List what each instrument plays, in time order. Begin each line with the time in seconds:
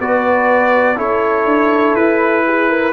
0.00 tuba B3, trombone F#4, horn B4, trumpet D5
0.96 tuba C#4, trombone E4, horn A4, trumpet C#5
1.45 tuba D4
1.95 tuba E4, trumpet B4
2.47 horn G#4
2.69 horn A#4